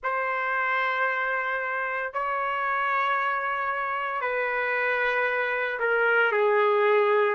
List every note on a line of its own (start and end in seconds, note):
0.02 2.13 C5
2.13 4.21 C#5
4.21 5.78 B4
5.79 6.32 A#4
6.32 7.34 G#4